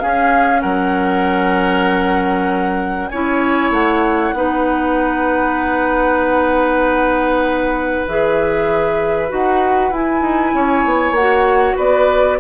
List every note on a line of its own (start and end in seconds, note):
0.00 3.11 C#4
0.00 0.64 C#4
0.00 0.62 G#4
0.00 0.61 F5
0.61 3.12 F#3
0.61 3.09 A#4
0.61 3.09 F#5
3.09 3.71 C#4
3.09 4.36 E4
3.09 4.35 C#5
3.09 3.71 G#5
3.71 4.33 A3
3.71 8.06 F#5
4.33 8.04 B3
4.33 8.07 D#4
4.33 10.55 B4
8.08 9.31 E3
8.08 9.30 G#4
8.08 9.31 E5
9.30 9.91 D#4
9.30 9.91 F#4
9.30 9.93 F#5
9.91 10.22 E4
9.91 11.17 E4
9.91 11.15 G#5
10.22 10.52 D#4
10.54 10.85 C#4
10.54 11.77 C#5
10.86 11.11 B3
11.11 11.73 A#3
11.11 11.77 F#5
11.19 12.40 F#4
11.77 12.40 B3
11.77 12.38 B4
11.77 12.40 D5